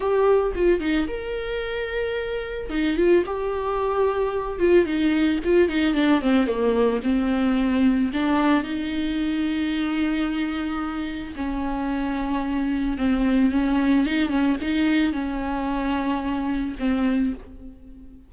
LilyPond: \new Staff \with { instrumentName = "viola" } { \time 4/4 \tempo 4 = 111 g'4 f'8 dis'8 ais'2~ | ais'4 dis'8 f'8 g'2~ | g'8 f'8 dis'4 f'8 dis'8 d'8 c'8 | ais4 c'2 d'4 |
dis'1~ | dis'4 cis'2. | c'4 cis'4 dis'8 cis'8 dis'4 | cis'2. c'4 | }